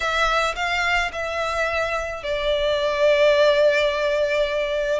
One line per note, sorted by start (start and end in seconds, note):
0.00 0.54 E5
0.55 1.11 F5
1.12 2.23 E5
2.23 4.99 D5